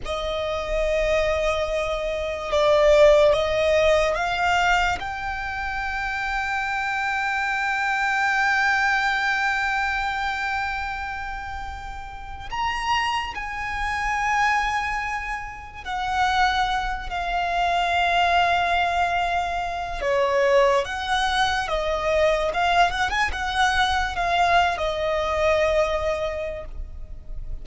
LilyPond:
\new Staff \with { instrumentName = "violin" } { \time 4/4 \tempo 4 = 72 dis''2. d''4 | dis''4 f''4 g''2~ | g''1~ | g''2. ais''4 |
gis''2. fis''4~ | fis''8 f''2.~ f''8 | cis''4 fis''4 dis''4 f''8 fis''16 gis''16 | fis''4 f''8. dis''2~ dis''16 | }